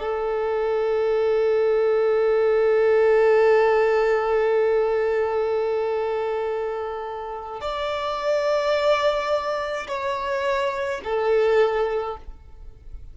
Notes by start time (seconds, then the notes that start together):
0.00 A4
7.61 D5
9.88 C#5
11.04 A4